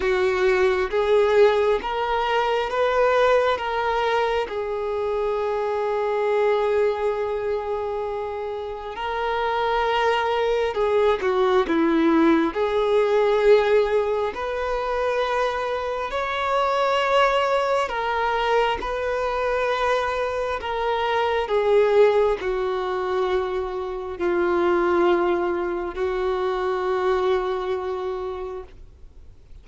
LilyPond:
\new Staff \with { instrumentName = "violin" } { \time 4/4 \tempo 4 = 67 fis'4 gis'4 ais'4 b'4 | ais'4 gis'2.~ | gis'2 ais'2 | gis'8 fis'8 e'4 gis'2 |
b'2 cis''2 | ais'4 b'2 ais'4 | gis'4 fis'2 f'4~ | f'4 fis'2. | }